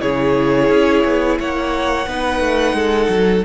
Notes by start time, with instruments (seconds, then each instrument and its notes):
0.00 cello C#3, viola E4, violin G#4 C#5
0.70 cello C#4
1.05 cello B3
1.40 cello A#3, violin C#5 F#5
2.07 cello B3, viola D#4, violin B4
2.40 cello A3
2.74 cello G#3, violin A4
3.09 cello F#3